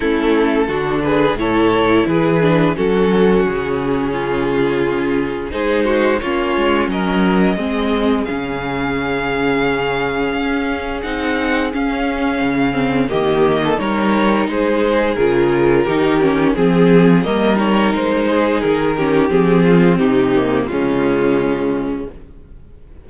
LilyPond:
<<
  \new Staff \with { instrumentName = "violin" } { \time 4/4 \tempo 4 = 87 a'4. b'8 cis''4 b'4 | a'4 gis'2. | c''4 cis''4 dis''2 | f''1 |
fis''4 f''2 dis''4 | cis''4 c''4 ais'2 | gis'4 dis''8 cis''8 c''4 ais'4 | gis'4 g'4 f'2 | }
  \new Staff \with { instrumentName = "violin" } { \time 4/4 e'4 fis'8 gis'8 a'4 gis'4 | fis'2 f'2 | gis'8 fis'8 f'4 ais'4 gis'4~ | gis'1~ |
gis'2. g'8. a'16 | ais'4 gis'2 g'4 | gis'4 ais'4. gis'4 g'8~ | g'8 f'8 dis'4 cis'2 | }
  \new Staff \with { instrumentName = "viola" } { \time 4/4 cis'4 d'4 e'4. d'8 | cis'1 | dis'4 cis'2 c'4 | cis'1 |
dis'4 cis'4. c'8 ais4 | dis'2 f'4 dis'8 cis'8 | c'4 ais8 dis'2 cis'8 | c'4. ais8 gis2 | }
  \new Staff \with { instrumentName = "cello" } { \time 4/4 a4 d4 a,4 e4 | fis4 cis2. | gis4 ais8 gis8 fis4 gis4 | cis2. cis'4 |
c'4 cis'4 cis4 dis4 | g4 gis4 cis4 dis4 | f4 g4 gis4 dis4 | f4 c4 cis2 | }
>>